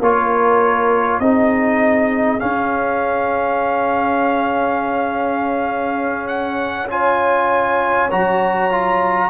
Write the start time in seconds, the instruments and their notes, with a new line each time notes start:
0.00 tuba A#3, trombone F4, horn A#4, trumpet C#5
1.20 tuba C4, trombone D#4, horn G#4, trumpet D#5
2.39 trombone C#4, tuba C#4, trumpet F5
6.28 trumpet F#5
6.90 trombone F4, horn C#5, trumpet G#5
8.11 tuba F#3, trombone F#4, trumpet A#5
8.71 trombone F4